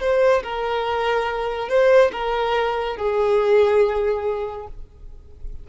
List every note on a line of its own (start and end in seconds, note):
0.00 0.43 C5
0.43 1.68 A#4
1.68 2.11 C5
2.12 2.97 A#4
2.97 4.67 G#4